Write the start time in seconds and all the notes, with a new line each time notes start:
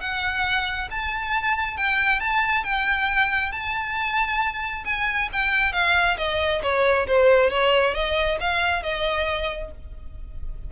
0.00 F#5
0.91 A5
1.77 G5
2.20 A5
2.64 G5
3.52 A5
4.85 G#5
5.32 G5
5.73 F5
6.17 D#5
6.62 C#5
7.07 C5
7.50 C#5
7.94 D#5
8.40 F5
8.83 D#5